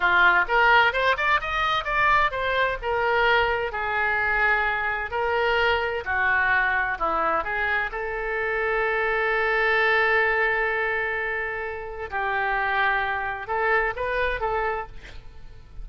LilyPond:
\new Staff \with { instrumentName = "oboe" } { \time 4/4 \tempo 4 = 129 f'4 ais'4 c''8 d''8 dis''4 | d''4 c''4 ais'2 | gis'2. ais'4~ | ais'4 fis'2 e'4 |
gis'4 a'2.~ | a'1~ | a'2 g'2~ | g'4 a'4 b'4 a'4 | }